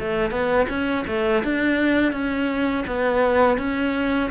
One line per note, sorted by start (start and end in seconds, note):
0.00 0.31 A3
0.31 0.67 B3
0.69 1.05 C#4
1.07 1.44 A3
1.44 2.13 D4
2.13 2.85 C#4
2.87 3.58 B3
3.58 4.30 C#4